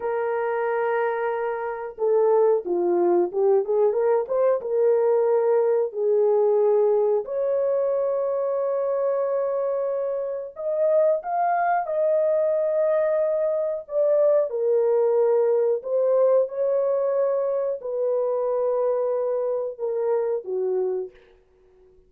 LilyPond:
\new Staff \with { instrumentName = "horn" } { \time 4/4 \tempo 4 = 91 ais'2. a'4 | f'4 g'8 gis'8 ais'8 c''8 ais'4~ | ais'4 gis'2 cis''4~ | cis''1 |
dis''4 f''4 dis''2~ | dis''4 d''4 ais'2 | c''4 cis''2 b'4~ | b'2 ais'4 fis'4 | }